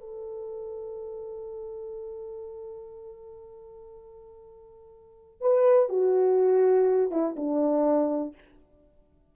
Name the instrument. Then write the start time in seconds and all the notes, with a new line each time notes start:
horn
0.00 A4
5.41 B4
5.88 F#4
7.10 E4
7.36 D4